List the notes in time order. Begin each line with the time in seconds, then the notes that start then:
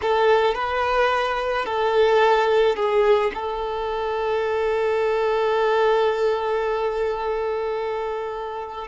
0.01 A4
0.54 B4
1.65 A4
2.76 G#4
3.34 A4